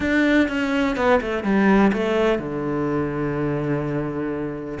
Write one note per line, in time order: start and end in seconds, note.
0.00 0.48 D4
0.48 0.96 C#4
0.96 1.20 B3
1.21 1.43 A3
1.43 1.91 G3
1.92 2.38 A3
2.38 4.78 D3